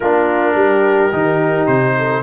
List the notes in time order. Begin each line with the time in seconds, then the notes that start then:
0.00 A#3 D4 F4 A#4
0.55 G3 G4
1.12 D#3 D#4
1.66 C3 C5
1.97 A4